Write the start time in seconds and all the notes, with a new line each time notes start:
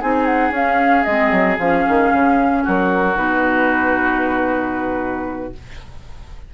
0.00 C4 D#4 G#4 G#5
0.25 F#5
0.51 C#4 F5
1.04 G#3 C4 D#5
1.31 F#3
1.58 F3 C#4 F5
1.88 D#3
2.12 C#3
2.63 F#3 F#4 A#4
3.15 B2 D#4 B4